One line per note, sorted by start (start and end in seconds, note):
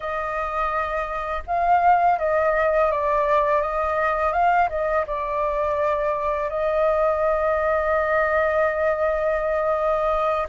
0.00 1.43 D#5
1.47 2.19 F5
2.19 2.91 D#5
2.91 3.61 D5
3.61 4.32 D#5
4.32 4.68 F5
4.69 5.05 D#5
5.06 6.49 D5
6.49 10.47 D#5